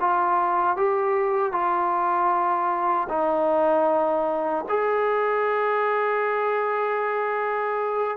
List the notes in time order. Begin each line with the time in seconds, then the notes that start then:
0.00 F4
0.76 G4
1.52 F4
3.09 D#4
4.69 G#4